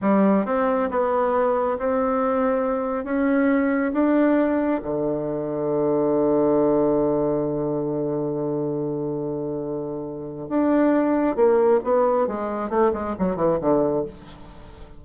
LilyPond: \new Staff \with { instrumentName = "bassoon" } { \time 4/4 \tempo 4 = 137 g4 c'4 b2 | c'2. cis'4~ | cis'4 d'2 d4~ | d1~ |
d1~ | d1 | d'2 ais4 b4 | gis4 a8 gis8 fis8 e8 d4 | }